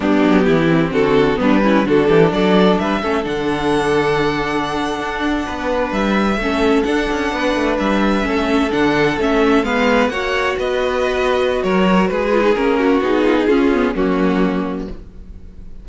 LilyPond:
<<
  \new Staff \with { instrumentName = "violin" } { \time 4/4 \tempo 4 = 129 g'2 a'4 b'4 | a'4 d''4 e''4 fis''4~ | fis''1~ | fis''8. e''2 fis''4~ fis''16~ |
fis''8. e''2 fis''4 e''16~ | e''8. f''4 fis''4 dis''4~ dis''16~ | dis''4 cis''4 b'4 ais'4 | gis'2 fis'2 | }
  \new Staff \with { instrumentName = "violin" } { \time 4/4 d'4 e'4 fis'4 d'8 e'8 | fis'8 g'8 a'4 b'8 a'4.~ | a'2.~ a'8. b'16~ | b'4.~ b'16 a'2 b'16~ |
b'4.~ b'16 a'2~ a'16~ | a'8. b'4 cis''4 b'4~ b'16~ | b'4 ais'4 gis'4. fis'8~ | fis'8 f'16 dis'16 f'4 cis'2 | }
  \new Staff \with { instrumentName = "viola" } { \time 4/4 b4. c'4. b8 cis'8 | d'2~ d'8 cis'8 d'4~ | d'1~ | d'4.~ d'16 cis'4 d'4~ d'16~ |
d'4.~ d'16 cis'4 d'4 cis'16~ | cis'8. b4 fis'2~ fis'16~ | fis'2~ fis'8 f'16 dis'16 cis'4 | dis'4 cis'8 b8 ais2 | }
  \new Staff \with { instrumentName = "cello" } { \time 4/4 g8 fis8 e4 d4 g4 | d8 e8 fis4 g8 a8 d4~ | d2~ d8. d'4 b16~ | b8. g4 a4 d'8 cis'8 b16~ |
b16 a8 g4 a4 d4 a16~ | a8. gis4 ais4 b4~ b16~ | b4 fis4 gis4 ais4 | b4 cis'4 fis2 | }
>>